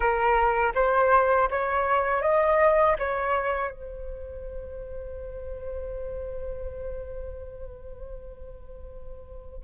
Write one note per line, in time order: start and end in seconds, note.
0.00 0.72 A#4
0.74 1.48 C5
1.50 2.22 C#5
2.22 2.96 D#5
2.98 3.71 C#5
3.71 9.63 C5